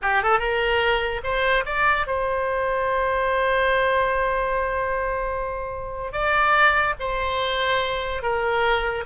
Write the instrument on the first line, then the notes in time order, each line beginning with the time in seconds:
oboe
0.02 G4
0.23 A4
0.39 A#4
1.23 C5
1.65 D5
2.06 C5
6.12 D5
6.99 C5
8.22 A#4